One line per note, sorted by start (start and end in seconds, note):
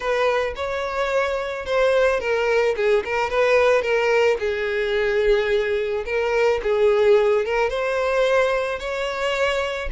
0.00 0.54 B4
0.55 1.65 C#5
1.65 2.20 C5
2.20 2.75 A#4
2.76 3.03 G#4
3.04 3.30 A#4
3.30 3.82 B4
3.82 4.37 A#4
4.39 6.04 G#4
6.06 6.61 A#4
6.63 7.45 G#4
7.45 7.69 A#4
7.69 8.79 C5
8.79 9.89 C#5